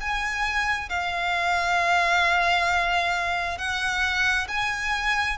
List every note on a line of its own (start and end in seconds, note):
0.00 0.89 G#5
0.89 3.57 F5
3.57 4.47 F#5
4.48 5.37 G#5